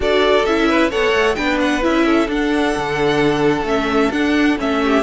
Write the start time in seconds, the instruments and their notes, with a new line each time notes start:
0.00 cello D4, viola F#4, violin A4 D5
0.45 cello C#4, viola E4, violin E5
0.68 violin B4
0.90 cello B3, viola A4, violin C#5 F#5
1.12 cello A3
1.35 cello B3, viola D4, violin B4 G5
1.60 violin F#5
1.81 cello C#4, viola E4, violin E5
2.05 violin A4
2.28 cello D4, viola D4, violin F#5
2.76 cello D3
3.63 cello A3, viola C#4, violin E5
4.10 cello D4, viola D4, violin F#5
4.58 cello A3, viola C#4, violin E5
4.83 violin G4